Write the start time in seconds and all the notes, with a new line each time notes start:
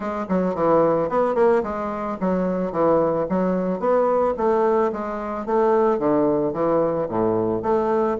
0.00 G#3
0.28 F#3
0.54 E3
1.09 B3
1.35 A#3
1.63 G#3
2.20 F#3
2.71 E3
3.29 F#3
3.79 B3
4.37 A3
4.92 G#3
5.45 A3
5.99 D3
6.53 E3
7.08 A2
7.62 A3